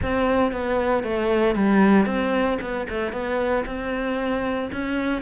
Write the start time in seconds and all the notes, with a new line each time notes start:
0.02 C4
0.52 B3
1.03 A3
1.55 G3
2.06 C4
2.61 B3
2.89 A3
3.12 B3
3.66 C4
4.71 C#4